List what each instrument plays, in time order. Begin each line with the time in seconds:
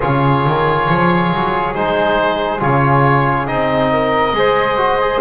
0.00 double bass C#3, trombone F4, flute G#4, oboe C#5
0.46 double bass D#3
0.88 double bass F3
1.32 double bass F#3
1.74 double bass G#3, trombone D#4, oboe C5
2.59 double bass C#3, trombone F4, oboe C#5
3.46 double bass C4, trombone D#4, oboe D#5
3.92 flute A#4
4.32 double bass G#3, trombone G#4, flute C5
4.77 trombone F#4
5.01 trombone G#4